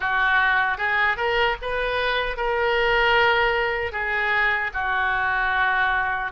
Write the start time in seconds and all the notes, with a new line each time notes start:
0.00 F#4
0.77 G#4
1.16 A#4
1.61 B4
2.36 A#4
3.92 G#4
4.73 F#4